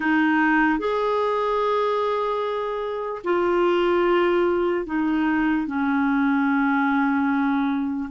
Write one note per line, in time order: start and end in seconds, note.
0.00 0.79 D#4
0.79 3.22 G#4
3.24 4.85 F4
4.85 5.66 D#4
5.66 8.09 C#4